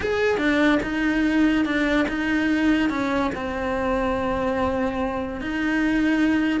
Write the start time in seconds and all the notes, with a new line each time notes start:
0.00 G#4
0.37 D4
0.82 D#4
1.65 D4
2.08 D#4
2.89 C#4
3.35 C4
5.41 D#4